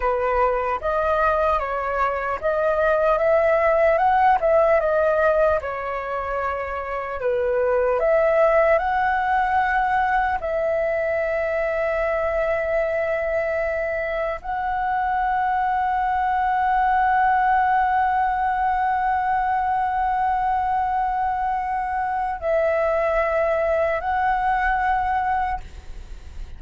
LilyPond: \new Staff \with { instrumentName = "flute" } { \time 4/4 \tempo 4 = 75 b'4 dis''4 cis''4 dis''4 | e''4 fis''8 e''8 dis''4 cis''4~ | cis''4 b'4 e''4 fis''4~ | fis''4 e''2.~ |
e''2 fis''2~ | fis''1~ | fis''1 | e''2 fis''2 | }